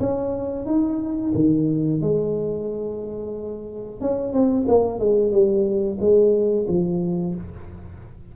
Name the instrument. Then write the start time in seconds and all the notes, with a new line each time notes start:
tuba
0.00 C#4
0.65 D#4
1.34 D#3
2.01 G#3
4.01 C#4
4.33 C4
4.68 A#3
4.99 G#3
5.32 G3
6.00 G#3
6.68 F3